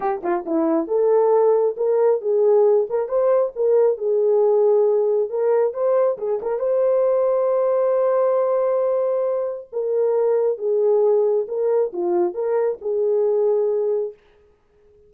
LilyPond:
\new Staff \with { instrumentName = "horn" } { \time 4/4 \tempo 4 = 136 g'8 f'8 e'4 a'2 | ais'4 gis'4. ais'8 c''4 | ais'4 gis'2. | ais'4 c''4 gis'8 ais'8 c''4~ |
c''1~ | c''2 ais'2 | gis'2 ais'4 f'4 | ais'4 gis'2. | }